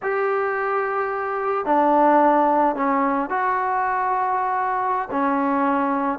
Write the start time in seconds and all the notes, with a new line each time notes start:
0.02 G4
1.65 D4
2.75 C#4
3.29 F#4
5.11 C#4